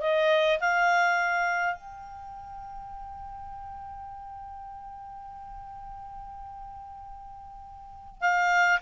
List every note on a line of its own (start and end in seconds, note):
0.00 0.59 D#5
0.60 1.75 F5
1.75 8.20 G5
8.20 8.79 F5